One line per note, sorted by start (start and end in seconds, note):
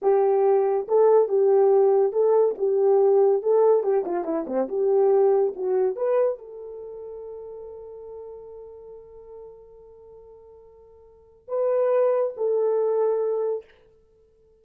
0.02 0.87 G4
0.87 1.28 A4
1.28 2.12 G4
2.12 2.55 A4
2.57 3.42 G4
3.42 3.83 A4
3.83 4.04 G4
4.05 4.24 F4
4.24 4.45 E4
4.46 4.68 C4
4.68 5.53 G4
5.55 5.96 F#4
5.96 6.38 B4
6.38 11.48 A4
11.48 12.33 B4
12.36 13.64 A4